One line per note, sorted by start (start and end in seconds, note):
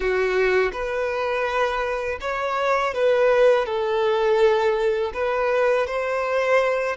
0.00 0.72 F#4
0.72 2.19 B4
2.21 2.93 C#5
2.93 3.66 B4
3.66 5.12 A4
5.13 5.86 B4
5.86 6.96 C5